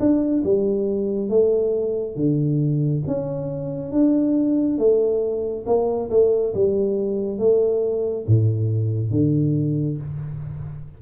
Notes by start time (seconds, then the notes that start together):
0.00 D4
0.44 G3
1.30 A3
2.16 D3
3.08 C#4
3.92 D4
4.79 A3
5.66 A#3
6.11 A3
6.55 G3
7.39 A3
8.27 A2
9.11 D3